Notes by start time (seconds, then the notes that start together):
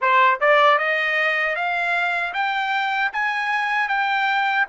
0.01 C5
0.40 D5
0.78 D#5
1.55 F5
2.33 G5
3.12 G#5
3.88 G5